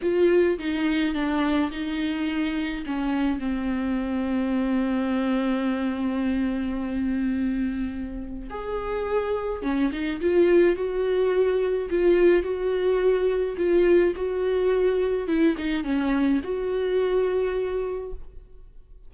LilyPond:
\new Staff \with { instrumentName = "viola" } { \time 4/4 \tempo 4 = 106 f'4 dis'4 d'4 dis'4~ | dis'4 cis'4 c'2~ | c'1~ | c'2. gis'4~ |
gis'4 cis'8 dis'8 f'4 fis'4~ | fis'4 f'4 fis'2 | f'4 fis'2 e'8 dis'8 | cis'4 fis'2. | }